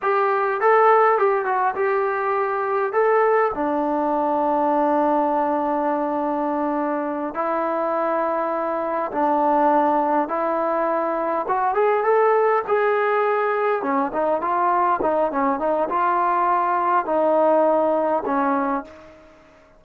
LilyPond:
\new Staff \with { instrumentName = "trombone" } { \time 4/4 \tempo 4 = 102 g'4 a'4 g'8 fis'8 g'4~ | g'4 a'4 d'2~ | d'1~ | d'8 e'2. d'8~ |
d'4. e'2 fis'8 | gis'8 a'4 gis'2 cis'8 | dis'8 f'4 dis'8 cis'8 dis'8 f'4~ | f'4 dis'2 cis'4 | }